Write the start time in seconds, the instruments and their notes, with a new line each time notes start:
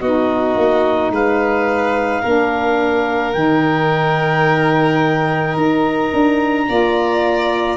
0.00 tuba B3, saxophone D#4, violin F#4, clarinet D#5
0.56 tuba A#3
1.10 tuba G#3, violin B4, clarinet F5
2.21 tuba A#3, saxophone D4, violin A#4
3.33 tuba D#3, saxophone D#4, clarinet G5
5.56 tuba D#4, clarinet A#5
6.13 tuba D4
6.67 tuba A#3, saxophone F4, violin D5